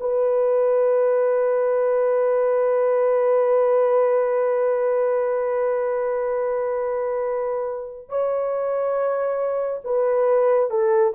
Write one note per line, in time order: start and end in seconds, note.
0.00 8.09 B4
8.09 9.80 C#5
9.84 10.70 B4
10.70 11.13 A4